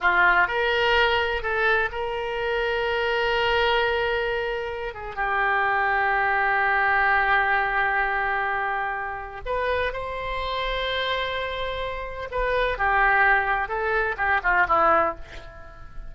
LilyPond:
\new Staff \with { instrumentName = "oboe" } { \time 4/4 \tempo 4 = 127 f'4 ais'2 a'4 | ais'1~ | ais'2~ ais'8 gis'8 g'4~ | g'1~ |
g'1 | b'4 c''2.~ | c''2 b'4 g'4~ | g'4 a'4 g'8 f'8 e'4 | }